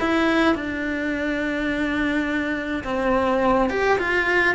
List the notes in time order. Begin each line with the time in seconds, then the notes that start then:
0.00 E4
0.55 D4
2.84 C4
3.70 G4
3.99 F4